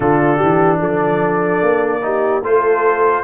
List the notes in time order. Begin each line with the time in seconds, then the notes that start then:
0.00 D3 D4 F4 A4
0.36 E3 G4
0.79 F3 A4 D5
1.61 A#3
2.01 D#4 G4
2.42 A3 F4 A4 C5